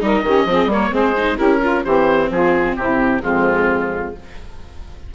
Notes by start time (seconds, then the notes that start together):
0.00 G3 D#4 A#4 D#5
0.22 D#3 C#4 G4
0.45 F3 C4
0.51 G#4
0.65 G3 A#3 A#4
0.72 C#5
0.90 G#3 C4 G#4 C5
1.17 D#4
1.37 C#4 E4 G4 A#4
1.61 F4
1.84 E3 C4 G4 C5
2.30 F3 F4 G#4
2.76 C3 E4 G4
3.21 F2 G#3 C4 F4